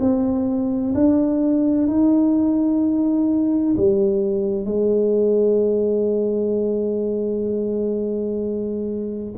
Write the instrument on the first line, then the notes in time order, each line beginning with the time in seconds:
tuba
0.00 C4
0.95 D4
1.88 D#4
3.77 G3
4.65 G#3